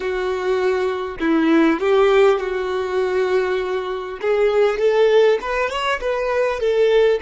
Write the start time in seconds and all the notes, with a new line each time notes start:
0.00 F#4
1.20 E4
1.79 G4
2.39 F#4
4.21 G#4
4.78 A4
5.41 B4
5.70 C#5
6.00 B4
6.60 A4